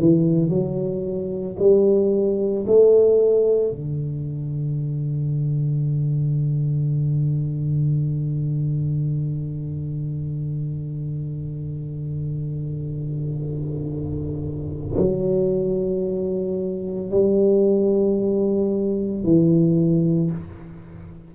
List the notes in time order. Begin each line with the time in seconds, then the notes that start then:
0.00 E3
0.50 F#3
1.59 G3
2.67 A3
3.71 D3
14.98 F#3
17.11 G3
19.24 E3